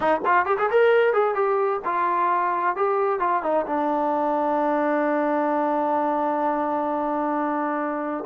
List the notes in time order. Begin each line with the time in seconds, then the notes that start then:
0.00 D#4
0.25 F4
0.45 G4
0.58 G#4
0.70 A#4
1.13 G#4
1.34 G4
1.84 F4
2.76 G4
3.19 F4
3.42 D#4
3.66 D4